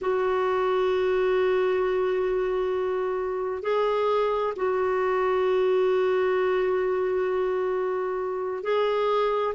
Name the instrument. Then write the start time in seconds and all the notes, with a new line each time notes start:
clarinet
0.01 F#4
3.62 G#4
4.55 F#4
8.63 G#4